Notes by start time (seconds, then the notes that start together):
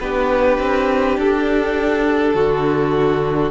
0.00 B3 D4 G4 B4
0.58 C4
1.17 D4 A4
2.34 D3 F#4